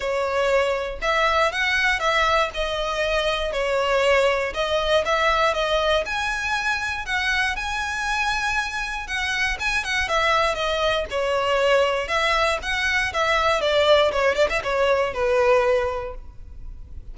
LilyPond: \new Staff \with { instrumentName = "violin" } { \time 4/4 \tempo 4 = 119 cis''2 e''4 fis''4 | e''4 dis''2 cis''4~ | cis''4 dis''4 e''4 dis''4 | gis''2 fis''4 gis''4~ |
gis''2 fis''4 gis''8 fis''8 | e''4 dis''4 cis''2 | e''4 fis''4 e''4 d''4 | cis''8 d''16 e''16 cis''4 b'2 | }